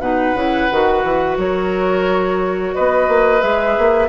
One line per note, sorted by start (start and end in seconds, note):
0.00 0.34 B2
0.00 0.36 D#4
0.00 1.38 B4
0.00 1.37 F#5
0.34 0.68 C#3
0.34 0.70 E4
0.71 1.04 D#3
0.71 3.41 F#4
1.04 1.37 E3
1.37 2.74 F#3
1.37 2.75 A#4
1.37 2.74 C#5
2.74 3.08 B3
2.74 4.09 B4
2.74 3.41 D#5
3.08 3.42 A#3
3.41 3.77 G#3
3.41 4.09 G#4
3.41 4.09 E5
3.78 4.09 A#3